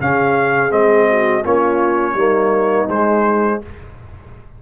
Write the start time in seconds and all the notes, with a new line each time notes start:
0.00 C#3 C#4 G#4 F5
0.70 G#3 C4 D#5
1.09 F#4
1.44 A#3 C#4 F4 C#5
2.14 G3 A#3 D#4
2.88 G#3 C5